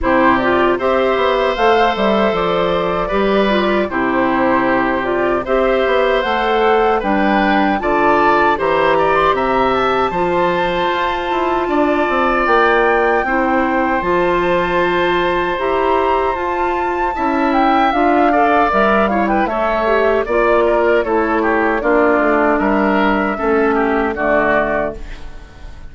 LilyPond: <<
  \new Staff \with { instrumentName = "flute" } { \time 4/4 \tempo 4 = 77 c''8 d''8 e''4 f''8 e''8 d''4~ | d''4 c''4. d''8 e''4 | fis''4 g''4 a''4 ais''8. c'''16 | ais''8 a''2.~ a''8 |
g''2 a''2 | ais''4 a''4. g''8 f''4 | e''8 f''16 g''16 e''4 d''4 cis''4 | d''4 e''2 d''4 | }
  \new Staff \with { instrumentName = "oboe" } { \time 4/4 g'4 c''2. | b'4 g'2 c''4~ | c''4 b'4 d''4 c''8 d''8 | e''4 c''2 d''4~ |
d''4 c''2.~ | c''2 e''4. d''8~ | d''8 cis''16 b'16 cis''4 d''8 ais'8 a'8 g'8 | f'4 ais'4 a'8 g'8 fis'4 | }
  \new Staff \with { instrumentName = "clarinet" } { \time 4/4 e'8 f'8 g'4 a'2 | g'8 f'8 e'4. f'8 g'4 | a'4 d'4 f'4 g'4~ | g'4 f'2.~ |
f'4 e'4 f'2 | g'4 f'4 e'4 f'8 a'8 | ais'8 e'8 a'8 g'8 f'4 e'4 | d'2 cis'4 a4 | }
  \new Staff \with { instrumentName = "bassoon" } { \time 4/4 c4 c'8 b8 a8 g8 f4 | g4 c2 c'8 b8 | a4 g4 d4 e4 | c4 f4 f'8 e'8 d'8 c'8 |
ais4 c'4 f2 | e'4 f'4 cis'4 d'4 | g4 a4 ais4 a4 | ais8 a8 g4 a4 d4 | }
>>